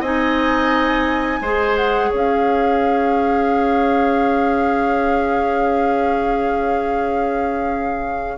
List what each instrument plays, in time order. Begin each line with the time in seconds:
0.00 bassoon C4, clarinet D#4, oboe D#5, flute G#5
1.41 bassoon G#3, clarinet G#4, oboe C5
1.76 flute F#5
2.10 bassoon C#4, oboe C#5
2.16 flute F5